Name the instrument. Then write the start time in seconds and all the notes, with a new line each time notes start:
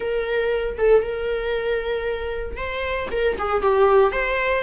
viola
0.00 A#4
0.78 A4
1.02 A#4
2.56 C5
3.11 A#4
3.38 G#4
3.62 G4
4.11 C5